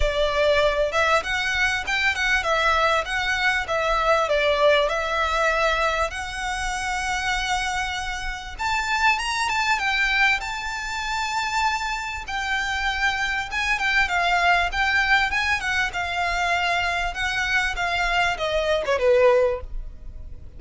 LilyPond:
\new Staff \with { instrumentName = "violin" } { \time 4/4 \tempo 4 = 98 d''4. e''8 fis''4 g''8 fis''8 | e''4 fis''4 e''4 d''4 | e''2 fis''2~ | fis''2 a''4 ais''8 a''8 |
g''4 a''2. | g''2 gis''8 g''8 f''4 | g''4 gis''8 fis''8 f''2 | fis''4 f''4 dis''8. cis''16 b'4 | }